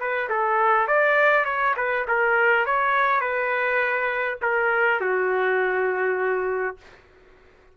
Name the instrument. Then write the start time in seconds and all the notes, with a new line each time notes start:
trumpet
0.00 B4
0.30 A4
0.88 D5
1.45 C#5
1.77 B4
2.08 A#4
2.66 C#5
3.21 B4
4.42 A#4
5.01 F#4